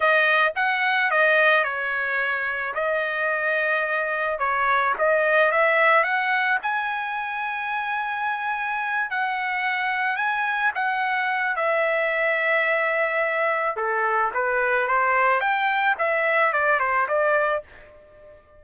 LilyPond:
\new Staff \with { instrumentName = "trumpet" } { \time 4/4 \tempo 4 = 109 dis''4 fis''4 dis''4 cis''4~ | cis''4 dis''2. | cis''4 dis''4 e''4 fis''4 | gis''1~ |
gis''8 fis''2 gis''4 fis''8~ | fis''4 e''2.~ | e''4 a'4 b'4 c''4 | g''4 e''4 d''8 c''8 d''4 | }